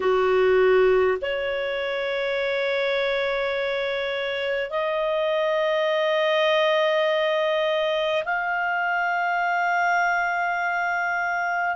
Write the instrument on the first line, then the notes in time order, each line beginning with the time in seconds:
clarinet
0.00 F#4
1.21 C#5
4.70 D#5
8.24 F5